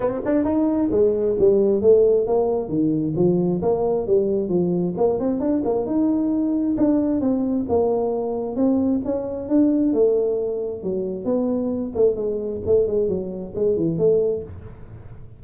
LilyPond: \new Staff \with { instrumentName = "tuba" } { \time 4/4 \tempo 4 = 133 c'8 d'8 dis'4 gis4 g4 | a4 ais4 dis4 f4 | ais4 g4 f4 ais8 c'8 | d'8 ais8 dis'2 d'4 |
c'4 ais2 c'4 | cis'4 d'4 a2 | fis4 b4. a8 gis4 | a8 gis8 fis4 gis8 e8 a4 | }